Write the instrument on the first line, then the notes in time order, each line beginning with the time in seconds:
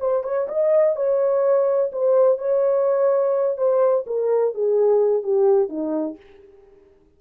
horn
0.00 C5
0.24 C#5
0.49 D#5
0.96 C#5
1.92 C5
2.39 C#5
3.58 C5
4.07 A#4
4.55 G#4
5.23 G4
5.69 D#4